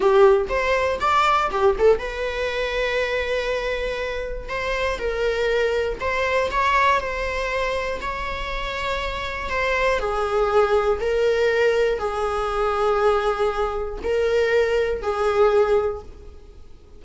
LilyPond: \new Staff \with { instrumentName = "viola" } { \time 4/4 \tempo 4 = 120 g'4 c''4 d''4 g'8 a'8 | b'1~ | b'4 c''4 ais'2 | c''4 cis''4 c''2 |
cis''2. c''4 | gis'2 ais'2 | gis'1 | ais'2 gis'2 | }